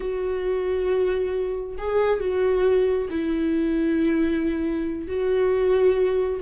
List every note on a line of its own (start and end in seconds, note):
0.00 1.76 F#4
1.78 2.20 G#4
2.20 3.08 F#4
3.09 5.07 E4
5.07 6.40 F#4